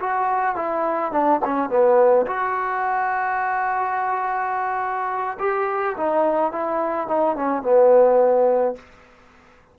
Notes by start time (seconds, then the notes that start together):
0.00 F#4
0.56 E4
1.12 D4
1.45 C#4
1.69 B3
2.26 F#4
5.39 G4
5.97 D#4
6.52 E4
7.08 D#4
7.36 C#4
7.62 B3